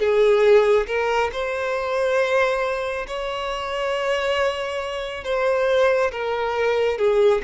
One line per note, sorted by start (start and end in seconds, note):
0.00 0.87 G#4
0.87 1.30 A#4
1.33 3.07 C5
3.08 5.25 C#5
5.25 6.11 C5
6.12 6.98 A#4
6.98 7.42 G#4